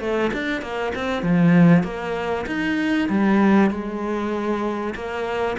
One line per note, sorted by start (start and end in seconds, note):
0.00 0.31 A3
0.33 0.62 D4
0.62 0.93 A#3
0.95 1.22 C4
1.22 1.83 F3
1.83 2.45 A#3
2.47 3.08 D#4
3.09 3.70 G3
3.70 4.94 G#3
4.95 5.56 A#3